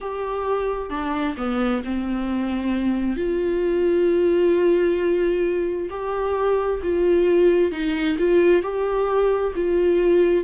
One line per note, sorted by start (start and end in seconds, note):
0.00 0.90 G4
0.90 1.35 D4
1.37 1.82 B3
1.84 3.16 C4
3.16 5.88 F4
5.90 6.81 G4
6.82 7.71 F4
7.71 8.17 D#4
8.18 8.62 F4
8.62 9.53 G4
9.55 10.44 F4